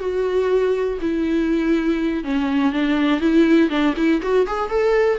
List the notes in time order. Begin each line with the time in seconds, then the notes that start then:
0.00 F#4
1.01 E4
2.24 C#4
2.73 D4
3.21 E4
3.70 D4
3.97 E4
4.22 F#4
4.47 G#4
4.70 A4